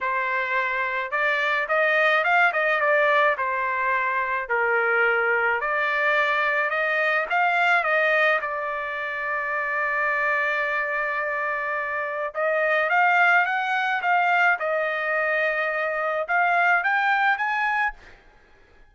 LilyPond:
\new Staff \with { instrumentName = "trumpet" } { \time 4/4 \tempo 4 = 107 c''2 d''4 dis''4 | f''8 dis''8 d''4 c''2 | ais'2 d''2 | dis''4 f''4 dis''4 d''4~ |
d''1~ | d''2 dis''4 f''4 | fis''4 f''4 dis''2~ | dis''4 f''4 g''4 gis''4 | }